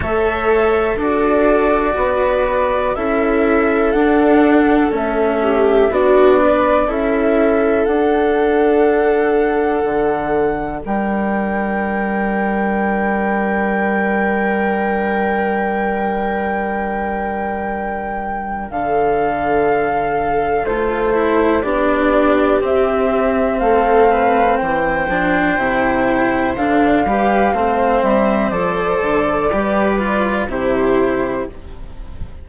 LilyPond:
<<
  \new Staff \with { instrumentName = "flute" } { \time 4/4 \tempo 4 = 61 e''4 d''2 e''4 | fis''4 e''4 d''4 e''4 | fis''2. g''4~ | g''1~ |
g''2. f''4~ | f''4 c''4 d''4 e''4 | f''4 g''2 f''4~ | f''8 e''8 d''2 c''4 | }
  \new Staff \with { instrumentName = "viola" } { \time 4/4 cis''4 a'4 b'4 a'4~ | a'4. g'8 fis'8 b'8 a'4~ | a'2. ais'4~ | ais'1~ |
ais'2. a'4~ | a'2 g'2 | a'8 b'8 c''2~ c''8 b'8 | c''2 b'4 g'4 | }
  \new Staff \with { instrumentName = "cello" } { \time 4/4 a'4 fis'2 e'4 | d'4 cis'4 d'4 e'4 | d'1~ | d'1~ |
d'1~ | d'4 f'8 e'8 d'4 c'4~ | c'4. d'8 e'4 d'8 g'8 | c'4 a'4 g'8 f'8 e'4 | }
  \new Staff \with { instrumentName = "bassoon" } { \time 4/4 a4 d'4 b4 cis'4 | d'4 a4 b4 cis'4 | d'2 d4 g4~ | g1~ |
g2. d4~ | d4 a4 b4 c'4 | a4 e8 f8 c4 d8 g8 | a8 g8 f8 d8 g4 c4 | }
>>